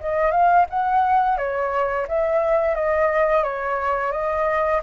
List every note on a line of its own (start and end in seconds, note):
0.00 0.31 D#5
0.31 0.66 F5
0.70 1.37 F#5
1.37 2.06 C#5
2.08 2.75 E5
2.75 3.43 D#5
3.43 4.12 C#5
4.12 4.81 D#5